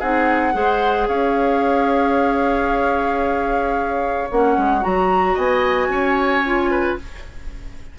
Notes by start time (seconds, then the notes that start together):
0.00 C4 D#4 G#4 F#5
0.53 G#3 G#4 C5
1.08 C#4 C#5 F5
4.31 A#3 C#4 F#5
4.57 G#3
4.82 F#3 F#4 A#5
5.34 B3 D#5 G#5
5.89 C#4 C#5
6.46 F4
6.71 B4